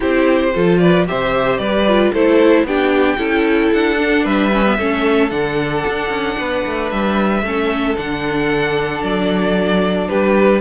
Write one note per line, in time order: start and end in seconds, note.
0.00 0.54 C4
0.00 0.53 E4
0.00 0.53 G4
0.00 0.78 C5
0.54 1.08 F3
0.54 1.06 F4
0.54 0.80 A4
0.78 1.07 B4
0.78 1.05 D5
1.06 1.58 C3
1.06 1.86 G4
1.06 1.59 C5
1.06 1.57 E5
1.57 2.11 G3
1.57 2.12 B4
1.57 2.10 D5
1.88 2.14 F4
2.12 2.63 A3
2.12 2.67 E4
2.12 2.65 A4
2.12 2.66 C5
2.63 3.16 B3
2.63 3.17 D4
2.63 3.18 G4
2.63 3.72 G5
3.17 3.71 C#4
3.17 3.97 E4
3.17 4.24 A4
3.72 4.25 D4
3.72 4.25 F#5
3.98 4.51 D4
4.24 4.78 G3
4.24 4.77 B4
4.24 5.30 E5
4.52 4.65 C#4
4.65 4.78 B3
4.77 5.31 A3
4.77 5.30 C#4
4.77 6.37 A4
5.30 5.84 D3
5.30 7.42 D4
5.30 6.89 F#5
5.87 6.09 D4
6.09 6.36 C#4
6.38 6.65 B3
6.38 7.44 B4
6.65 6.91 A3
6.90 7.42 G3
6.90 7.96 E5
7.42 7.95 A3
7.42 7.96 C#4
7.42 10.08 A4
7.96 9.02 D3
7.96 10.60 D4
7.96 9.03 F#5
9.02 10.08 F#3
9.02 10.08 D5
10.08 10.60 G3
10.08 10.60 G4
10.08 10.60 B4